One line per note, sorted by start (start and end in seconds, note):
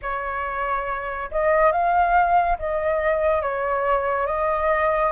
0.02 1.30 C#5
1.31 1.71 D#5
1.71 2.57 F5
2.58 3.42 D#5
3.42 4.26 C#5
4.26 5.12 D#5